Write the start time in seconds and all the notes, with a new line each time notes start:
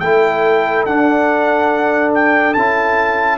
0.00 A3 E4 A4 G5
0.86 D4 F#5
2.15 G5
2.54 C#4 E4 A5